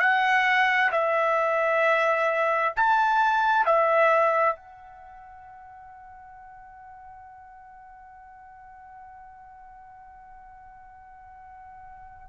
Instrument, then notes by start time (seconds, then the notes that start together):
trumpet
0.00 F#5
0.91 E5
2.76 A5
3.66 E5
4.56 F#5